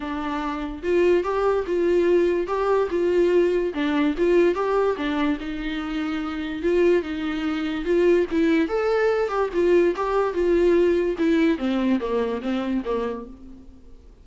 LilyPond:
\new Staff \with { instrumentName = "viola" } { \time 4/4 \tempo 4 = 145 d'2 f'4 g'4 | f'2 g'4 f'4~ | f'4 d'4 f'4 g'4 | d'4 dis'2. |
f'4 dis'2 f'4 | e'4 a'4. g'8 f'4 | g'4 f'2 e'4 | c'4 ais4 c'4 ais4 | }